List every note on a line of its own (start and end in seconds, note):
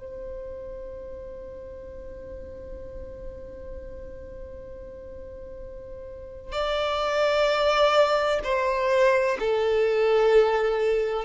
0.00 6.52 C5
6.52 8.40 D5
8.44 9.38 C5
9.40 11.25 A4